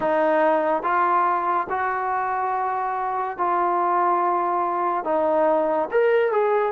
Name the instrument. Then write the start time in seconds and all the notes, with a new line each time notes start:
trombone
0.00 D#4
0.82 F4
1.69 F#4
3.37 F4
5.04 D#4
5.91 A#4
6.31 G#4